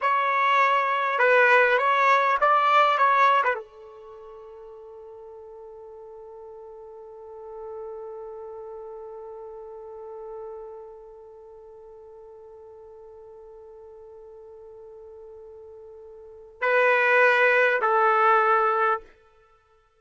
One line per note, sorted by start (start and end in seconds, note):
0.01 1.19 C#5
1.19 1.78 B4
1.78 2.37 C#5
2.41 2.98 D5
2.98 3.42 C#5
3.43 3.54 B4
3.54 16.61 A4
16.61 17.80 B4
17.81 19.00 A4